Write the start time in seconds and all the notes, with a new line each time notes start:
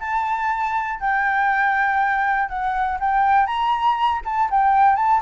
0.00 A5
1.00 G5
2.49 F#5
3.00 G5
3.46 A#5
4.25 A5
4.51 G5
4.96 A5